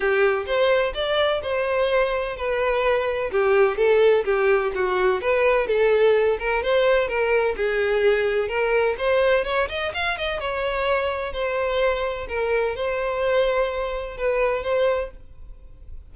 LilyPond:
\new Staff \with { instrumentName = "violin" } { \time 4/4 \tempo 4 = 127 g'4 c''4 d''4 c''4~ | c''4 b'2 g'4 | a'4 g'4 fis'4 b'4 | a'4. ais'8 c''4 ais'4 |
gis'2 ais'4 c''4 | cis''8 dis''8 f''8 dis''8 cis''2 | c''2 ais'4 c''4~ | c''2 b'4 c''4 | }